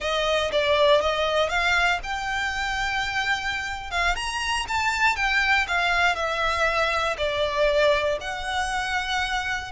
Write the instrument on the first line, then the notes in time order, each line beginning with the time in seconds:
violin
0.00 D#5
0.52 D5
1.01 D#5
1.49 F5
2.03 G5
3.91 F5
4.15 A#5
4.68 A5
5.15 G5
5.67 F5
6.15 E5
7.17 D5
8.20 F#5